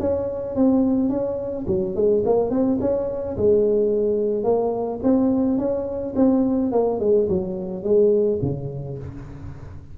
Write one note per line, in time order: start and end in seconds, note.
0.00 0.56 C#4
0.56 1.10 C4
1.10 1.66 C#4
1.67 1.95 F#3
1.96 2.24 G#3
2.26 2.51 A#3
2.51 2.79 C4
2.81 3.37 C#4
3.37 4.44 G#3
4.44 5.00 A#3
5.04 5.58 C4
5.58 6.15 C#4
6.16 6.72 C4
6.72 7.00 A#3
7.00 7.28 G#3
7.29 7.84 F#3
7.84 8.40 G#3
8.42 8.98 C#3